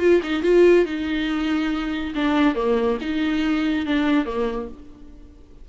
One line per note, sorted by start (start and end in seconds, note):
0.00 0.21 F4
0.23 0.43 D#4
0.43 0.86 F4
0.86 2.14 D#4
2.15 2.56 D4
2.56 2.98 A#3
3.01 3.86 D#4
3.86 4.26 D4
4.26 4.68 A#3